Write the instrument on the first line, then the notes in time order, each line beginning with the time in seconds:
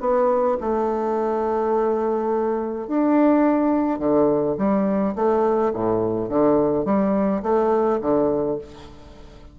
bassoon
0.00 B3
0.60 A3
2.87 D4
3.99 D3
4.58 G3
5.15 A3
5.73 A2
6.29 D3
6.85 G3
7.42 A3
8.01 D3